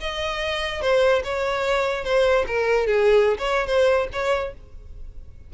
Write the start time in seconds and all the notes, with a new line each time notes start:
0.00 D#5
0.82 C5
1.24 C#5
2.04 C5
2.47 A#4
2.87 G#4
3.38 C#5
3.67 C5
4.13 C#5